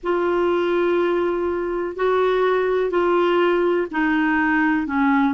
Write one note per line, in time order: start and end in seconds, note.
0.03 1.96 F4
1.96 2.90 F#4
2.90 3.87 F4
3.91 4.87 D#4
4.87 5.33 C#4